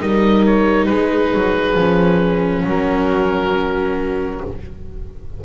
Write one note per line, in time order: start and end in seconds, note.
0.00 0.89 G3
0.00 1.76 D#4
0.00 0.89 A#4
0.00 0.45 D#5
0.45 0.85 C#5
0.85 1.34 G#3
0.85 2.65 G#4
0.85 2.62 B4
1.34 1.75 F#3
1.75 2.63 F3
1.75 4.42 C#4
2.64 4.41 F#3
2.64 4.42 F#4
2.64 4.44 A#4